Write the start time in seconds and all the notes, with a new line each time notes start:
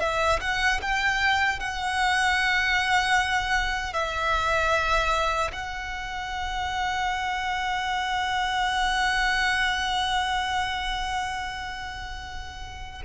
0.00 E5
0.41 F#5
0.81 G5
1.60 F#5
3.93 E5
5.52 F#5